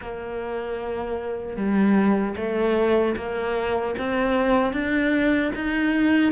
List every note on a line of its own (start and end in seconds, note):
0.01 1.56 A#3
1.56 2.35 G3
2.36 3.15 A3
3.16 3.95 A#3
3.98 4.73 C4
4.73 5.52 D4
5.55 6.32 D#4